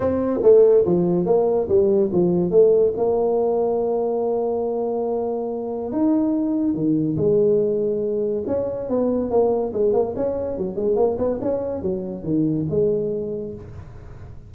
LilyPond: \new Staff \with { instrumentName = "tuba" } { \time 4/4 \tempo 4 = 142 c'4 a4 f4 ais4 | g4 f4 a4 ais4~ | ais1~ | ais2 dis'2 |
dis4 gis2. | cis'4 b4 ais4 gis8 ais8 | cis'4 fis8 gis8 ais8 b8 cis'4 | fis4 dis4 gis2 | }